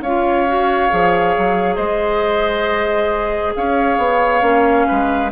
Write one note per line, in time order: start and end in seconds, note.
0.00 0.88 C#4
0.00 0.47 F4
0.00 1.76 C#5
0.00 1.76 F5
0.47 0.89 F#4
0.89 1.36 F3
0.89 4.42 G#4
1.37 1.77 F#3
1.76 3.54 G#3
1.76 3.52 C5
1.76 3.52 D#5
3.55 3.97 C#4
3.55 4.87 C#5
3.55 5.31 F5
3.97 4.42 B3
4.42 4.86 A#3
4.42 5.30 C#4
4.87 5.32 G#3
4.87 5.31 B4